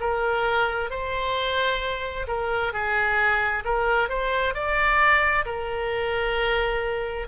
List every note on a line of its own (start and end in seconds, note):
0.00 0.90 A#4
0.90 2.26 C5
2.27 2.72 A#4
2.72 3.63 G#4
3.64 4.09 A#4
4.09 4.54 C5
4.54 5.45 D5
5.45 7.27 A#4